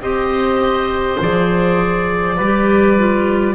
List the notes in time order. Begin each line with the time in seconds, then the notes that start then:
0.00 C4 G4 C5 D#5
1.20 F3 G#4 D5
2.36 G3 B4
2.43 G4
2.98 F4